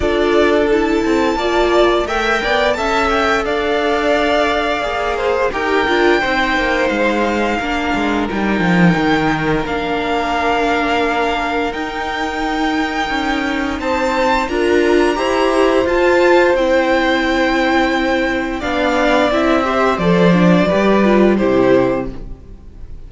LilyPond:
<<
  \new Staff \with { instrumentName = "violin" } { \time 4/4 \tempo 4 = 87 d''4 a''2 g''4 | a''8 g''8 f''2. | g''2 f''2 | g''2 f''2~ |
f''4 g''2. | a''4 ais''2 a''4 | g''2. f''4 | e''4 d''2 c''4 | }
  \new Staff \with { instrumentName = "violin" } { \time 4/4 a'2 d''4 e''8 d''8 | e''4 d''2~ d''8 c''8 | ais'4 c''2 ais'4~ | ais'1~ |
ais'1 | c''4 ais'4 c''2~ | c''2. d''4~ | d''8 c''4. b'4 g'4 | }
  \new Staff \with { instrumentName = "viola" } { \time 4/4 f'4 e'4 f'4 ais'4 | a'2. gis'4 | g'8 f'8 dis'2 d'4 | dis'2 d'2~ |
d'4 dis'2.~ | dis'4 f'4 g'4 f'4 | e'2. d'4 | e'8 g'8 a'8 d'8 g'8 f'8 e'4 | }
  \new Staff \with { instrumentName = "cello" } { \time 4/4 d'4. c'8 ais4 a8 b8 | cis'4 d'2 ais4 | dis'8 d'8 c'8 ais8 gis4 ais8 gis8 | g8 f8 dis4 ais2~ |
ais4 dis'2 cis'4 | c'4 d'4 e'4 f'4 | c'2. b4 | c'4 f4 g4 c4 | }
>>